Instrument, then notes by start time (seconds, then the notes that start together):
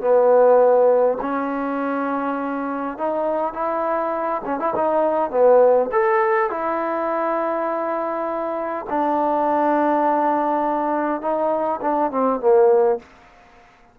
trombone
0.00 B3
1.21 C#4
2.97 D#4
3.53 E4
4.44 C#4
4.59 E4
4.75 D#4
5.30 B3
5.91 A4
6.50 E4
8.89 D4
11.21 D#4
11.81 D4
12.10 C4
12.40 A#3